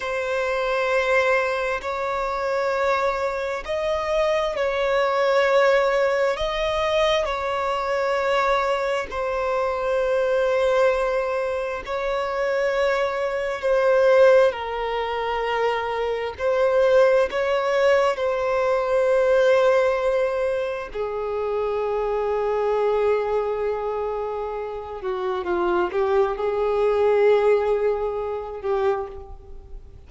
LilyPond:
\new Staff \with { instrumentName = "violin" } { \time 4/4 \tempo 4 = 66 c''2 cis''2 | dis''4 cis''2 dis''4 | cis''2 c''2~ | c''4 cis''2 c''4 |
ais'2 c''4 cis''4 | c''2. gis'4~ | gis'2.~ gis'8 fis'8 | f'8 g'8 gis'2~ gis'8 g'8 | }